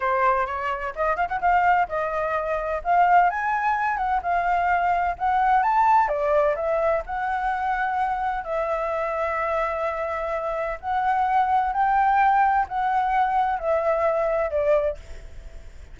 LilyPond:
\new Staff \with { instrumentName = "flute" } { \time 4/4 \tempo 4 = 128 c''4 cis''4 dis''8 f''16 fis''16 f''4 | dis''2 f''4 gis''4~ | gis''8 fis''8 f''2 fis''4 | a''4 d''4 e''4 fis''4~ |
fis''2 e''2~ | e''2. fis''4~ | fis''4 g''2 fis''4~ | fis''4 e''2 d''4 | }